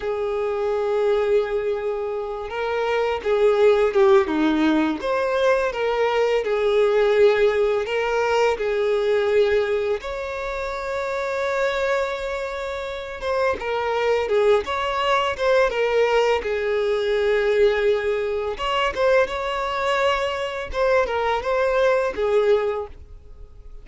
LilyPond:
\new Staff \with { instrumentName = "violin" } { \time 4/4 \tempo 4 = 84 gis'2.~ gis'8 ais'8~ | ais'8 gis'4 g'8 dis'4 c''4 | ais'4 gis'2 ais'4 | gis'2 cis''2~ |
cis''2~ cis''8 c''8 ais'4 | gis'8 cis''4 c''8 ais'4 gis'4~ | gis'2 cis''8 c''8 cis''4~ | cis''4 c''8 ais'8 c''4 gis'4 | }